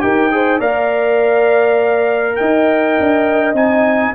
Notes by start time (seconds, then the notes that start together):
0.00 D#4 G4 A#4 G5
0.32 G#4 C5
0.59 A#3 A#4 D5 F5
2.36 D#4 D#5 G5
3.00 D4
3.54 C4 D#4 G#5